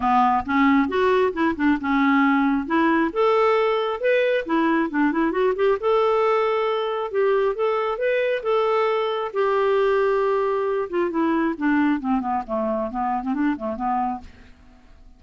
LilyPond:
\new Staff \with { instrumentName = "clarinet" } { \time 4/4 \tempo 4 = 135 b4 cis'4 fis'4 e'8 d'8 | cis'2 e'4 a'4~ | a'4 b'4 e'4 d'8 e'8 | fis'8 g'8 a'2. |
g'4 a'4 b'4 a'4~ | a'4 g'2.~ | g'8 f'8 e'4 d'4 c'8 b8 | a4 b8. c'16 d'8 a8 b4 | }